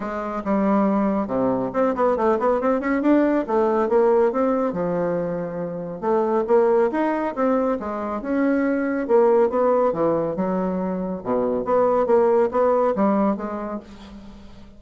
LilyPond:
\new Staff \with { instrumentName = "bassoon" } { \time 4/4 \tempo 4 = 139 gis4 g2 c4 | c'8 b8 a8 b8 c'8 cis'8 d'4 | a4 ais4 c'4 f4~ | f2 a4 ais4 |
dis'4 c'4 gis4 cis'4~ | cis'4 ais4 b4 e4 | fis2 b,4 b4 | ais4 b4 g4 gis4 | }